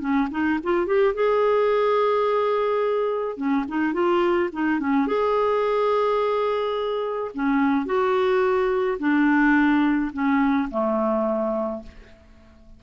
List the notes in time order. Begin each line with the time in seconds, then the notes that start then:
0.00 C#4
0.31 D#4
0.63 F4
0.86 G4
1.14 G#4
3.36 C#4
3.68 D#4
3.93 F4
4.52 D#4
4.79 C#4
5.07 G#4
7.34 C#4
7.85 F#4
8.99 D4
10.12 C#4
10.70 A3